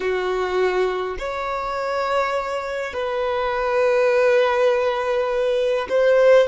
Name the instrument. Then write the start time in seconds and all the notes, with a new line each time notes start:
violin
0.00 F#4
1.18 C#5
2.93 B4
5.89 C5